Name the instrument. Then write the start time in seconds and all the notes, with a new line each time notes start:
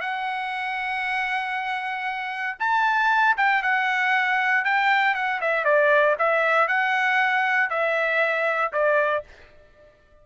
trumpet
0.00 F#5
2.59 A5
3.37 G5
3.62 F#5
4.64 G5
5.14 F#5
5.41 E5
5.64 D5
6.18 E5
6.67 F#5
7.69 E5
8.72 D5